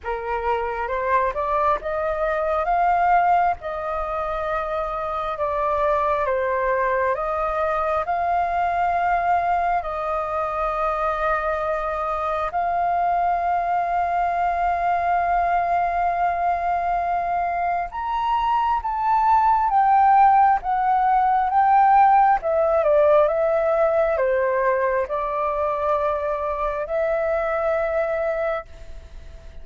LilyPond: \new Staff \with { instrumentName = "flute" } { \time 4/4 \tempo 4 = 67 ais'4 c''8 d''8 dis''4 f''4 | dis''2 d''4 c''4 | dis''4 f''2 dis''4~ | dis''2 f''2~ |
f''1 | ais''4 a''4 g''4 fis''4 | g''4 e''8 d''8 e''4 c''4 | d''2 e''2 | }